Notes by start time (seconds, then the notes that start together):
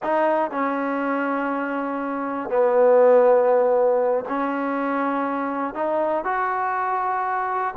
0.02 D#4
0.50 C#4
2.49 B3
4.28 C#4
5.74 D#4
6.24 F#4